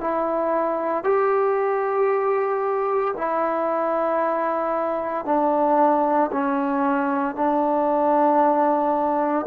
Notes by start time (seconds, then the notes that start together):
0.00 E4
1.04 G4
3.17 E4
5.25 D4
6.32 C#4
7.35 D4